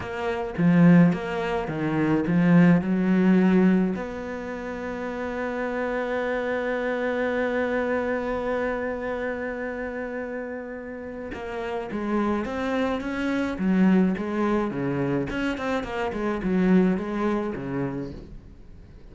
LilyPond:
\new Staff \with { instrumentName = "cello" } { \time 4/4 \tempo 4 = 106 ais4 f4 ais4 dis4 | f4 fis2 b4~ | b1~ | b1~ |
b1 | ais4 gis4 c'4 cis'4 | fis4 gis4 cis4 cis'8 c'8 | ais8 gis8 fis4 gis4 cis4 | }